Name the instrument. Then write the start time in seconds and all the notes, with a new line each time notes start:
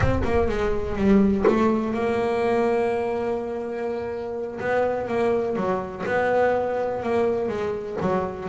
double bass
0.00 C4
0.24 A#3
0.48 G#3
0.96 G3
1.47 A3
1.93 A#3
4.59 B3
5.07 A#3
5.56 F#3
6.06 B3
7.02 A#3
7.48 G#3
8.01 F#3